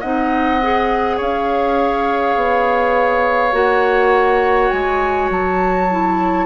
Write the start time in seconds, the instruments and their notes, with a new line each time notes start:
0.00 bassoon C4, clarinet D#4, oboe D#5, flute F#5
0.62 clarinet G#4
1.16 bassoon C#4, oboe C#5, flute F5
2.36 bassoon B3
3.52 bassoon A#3, clarinet F#4, flute F#5
4.70 bassoon G#3, flute G#5
5.30 bassoon F#3, flute A5
5.90 clarinet E4